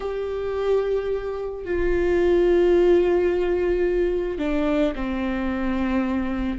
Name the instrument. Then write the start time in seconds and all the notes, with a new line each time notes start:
viola
0.00 G4
1.64 F4
4.38 D4
4.95 C4